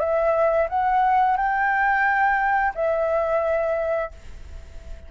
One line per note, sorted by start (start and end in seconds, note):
0.00 0.68 E5
0.70 1.37 F#5
1.37 2.74 G5
2.75 4.12 E5